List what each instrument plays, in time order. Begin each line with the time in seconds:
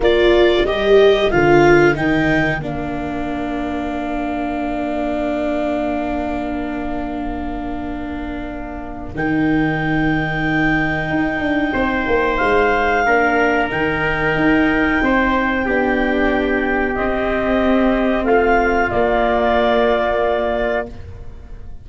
0.00 tuba A#3, viola F4, trumpet A#4, clarinet D5
0.63 tuba G3, viola G4, clarinet D#5
1.31 tuba D3, viola F4, clarinet F5
1.94 tuba D#3, viola D#4, clarinet G5
2.57 tuba A#3, viola D4, clarinet F5
9.14 tuba D#3, viola D#4, clarinet G5
11.10 tuba D#4
11.39 tuba D4
11.73 tuba C4, trumpet C5
12.07 tuba A#3
12.37 tuba G#3, clarinet F5
13.05 tuba A#3, viola D4, trumpet A#4
13.69 tuba D#3, viola D#4, clarinet G5
14.35 tuba D#4
15.01 tuba C4, trumpet C5
15.65 tuba B3, viola D4, trumpet G4
16.95 viola C4, tuba C4, clarinet D#5
18.23 tuba A3, trumpet F4, clarinet F5
18.90 viola A#3, tuba A#3, clarinet D5